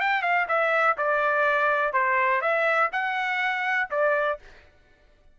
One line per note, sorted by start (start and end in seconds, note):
0.00 0.22 G5
0.22 0.46 F5
0.48 0.97 E5
0.97 1.93 D5
1.93 2.41 C5
2.41 2.90 E5
2.92 3.89 F#5
3.90 4.39 D5